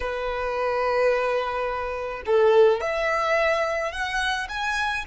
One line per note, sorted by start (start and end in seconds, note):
0.00 2.22 B4
2.26 2.80 A4
2.80 3.91 E5
3.91 4.47 F#5
4.48 5.04 G#5